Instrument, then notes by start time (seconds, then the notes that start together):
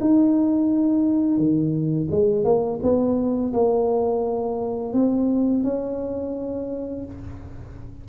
tuba
0.00 D#4
1.37 D#3
2.10 G#3
2.44 A#3
2.82 B3
3.53 A#3
4.93 C4
5.63 C#4